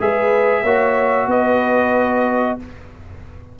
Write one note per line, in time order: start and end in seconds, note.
0.00 0.63 G#3
0.00 0.65 G#4
0.00 0.62 B4
0.00 1.30 E5
0.62 1.27 A#3
0.62 2.59 F#4
0.62 1.27 C#5
1.27 2.56 B3
1.27 2.57 B4
1.27 2.59 D#5